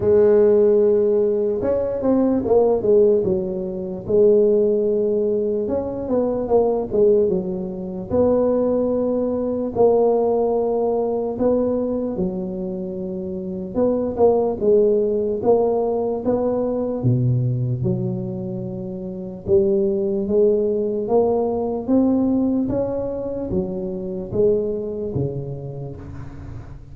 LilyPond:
\new Staff \with { instrumentName = "tuba" } { \time 4/4 \tempo 4 = 74 gis2 cis'8 c'8 ais8 gis8 | fis4 gis2 cis'8 b8 | ais8 gis8 fis4 b2 | ais2 b4 fis4~ |
fis4 b8 ais8 gis4 ais4 | b4 b,4 fis2 | g4 gis4 ais4 c'4 | cis'4 fis4 gis4 cis4 | }